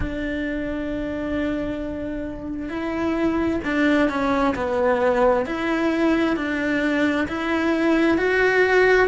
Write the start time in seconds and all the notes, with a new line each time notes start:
0.00 D4
2.69 E4
3.64 D4
4.09 C#4
4.55 B3
5.45 E4
6.36 D4
7.28 E4
8.17 F#4